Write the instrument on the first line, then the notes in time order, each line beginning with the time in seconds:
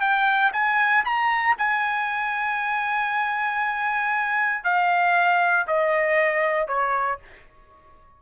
trumpet
0.00 G5
0.52 G#5
1.04 A#5
1.58 G#5
4.64 F5
5.67 D#5
6.67 C#5